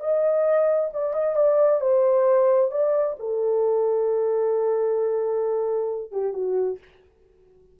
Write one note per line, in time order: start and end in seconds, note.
0.00 0.90 D#5
0.93 1.13 D5
1.13 1.36 D#5
1.36 1.81 D5
1.81 2.71 C5
2.71 3.16 D5
3.19 6.11 A4
6.11 6.33 G4
6.33 6.78 F#4